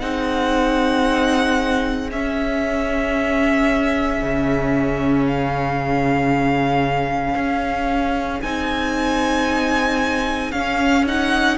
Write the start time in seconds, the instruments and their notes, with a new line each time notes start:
0.00 cello C4, viola D#4, violin G#4 F#5
2.12 cello C#4, viola C#4, violin E5
4.23 cello C#3
5.26 violin F5
7.35 cello C#4
8.42 cello C4, viola D#4, violin G#5
10.52 cello C#4, viola C#4, violin F5
11.07 viola D#4, violin F#5